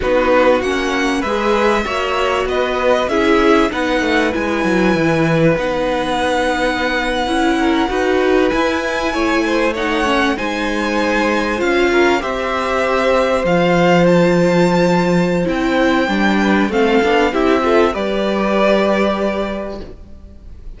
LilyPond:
<<
  \new Staff \with { instrumentName = "violin" } { \time 4/4 \tempo 4 = 97 b'4 fis''4 e''2 | dis''4 e''4 fis''4 gis''4~ | gis''4 fis''2.~ | fis''4.~ fis''16 gis''2 fis''16~ |
fis''8. gis''2 f''4 e''16~ | e''4.~ e''16 f''4 a''4~ a''16~ | a''4 g''2 f''4 | e''4 d''2. | }
  \new Staff \with { instrumentName = "violin" } { \time 4/4 fis'2 b'4 cis''4 | b'4 gis'4 b'2~ | b'1~ | b'16 ais'8 b'2 cis''8 c''8 cis''16~ |
cis''8. c''2~ c''8 ais'8 c''16~ | c''1~ | c''2~ c''8 b'8 a'4 | g'8 a'8 b'2. | }
  \new Staff \with { instrumentName = "viola" } { \time 4/4 dis'4 cis'4 gis'4 fis'4~ | fis'4 e'4 dis'4 e'4~ | e'4 dis'2~ dis'8. e'16~ | e'8. fis'4 e'2 dis'16~ |
dis'16 cis'8 dis'2 f'4 g'16~ | g'4.~ g'16 f'2~ f'16~ | f'4 e'4 d'4 c'8 d'8 | e'8 f'8 g'2. | }
  \new Staff \with { instrumentName = "cello" } { \time 4/4 b4 ais4 gis4 ais4 | b4 cis'4 b8 a8 gis8 fis8 | e4 b2~ b8. cis'16~ | cis'8. dis'4 e'4 a4~ a16~ |
a8. gis2 cis'4 c'16~ | c'4.~ c'16 f2~ f16~ | f4 c'4 g4 a8 b8 | c'4 g2. | }
>>